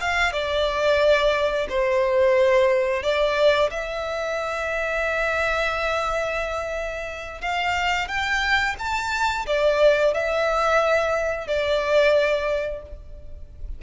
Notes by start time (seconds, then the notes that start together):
0.00 F5
0.32 D5
1.69 C5
3.02 D5
3.70 E5
7.41 F5
8.08 G5
8.79 A5
9.46 D5
10.14 E5
11.47 D5